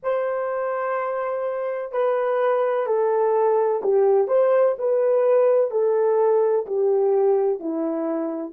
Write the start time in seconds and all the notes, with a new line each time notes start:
0.03 C5
1.91 B4
2.86 A4
3.83 G4
4.27 C5
4.78 B4
5.71 A4
6.66 G4
7.59 E4